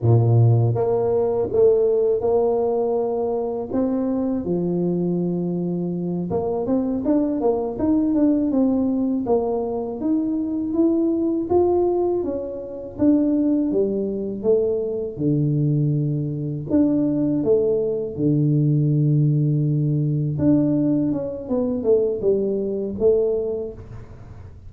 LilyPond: \new Staff \with { instrumentName = "tuba" } { \time 4/4 \tempo 4 = 81 ais,4 ais4 a4 ais4~ | ais4 c'4 f2~ | f8 ais8 c'8 d'8 ais8 dis'8 d'8 c'8~ | c'8 ais4 dis'4 e'4 f'8~ |
f'8 cis'4 d'4 g4 a8~ | a8 d2 d'4 a8~ | a8 d2. d'8~ | d'8 cis'8 b8 a8 g4 a4 | }